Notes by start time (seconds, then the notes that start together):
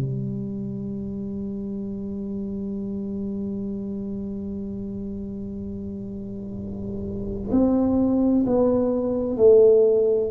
0.00 G3
7.51 C4
8.46 B3
9.37 A3